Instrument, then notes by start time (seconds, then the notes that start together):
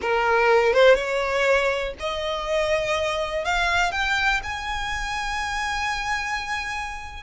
violin
0.01 A#4
0.73 C5
0.95 C#5
1.99 D#5
3.44 F5
3.91 G5
4.43 G#5